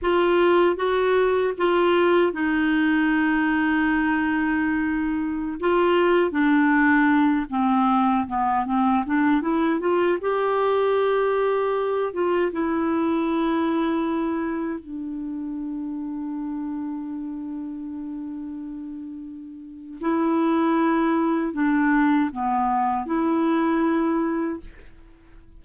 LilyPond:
\new Staff \with { instrumentName = "clarinet" } { \time 4/4 \tempo 4 = 78 f'4 fis'4 f'4 dis'4~ | dis'2.~ dis'16 f'8.~ | f'16 d'4. c'4 b8 c'8 d'16~ | d'16 e'8 f'8 g'2~ g'8 f'16~ |
f'16 e'2. d'8.~ | d'1~ | d'2 e'2 | d'4 b4 e'2 | }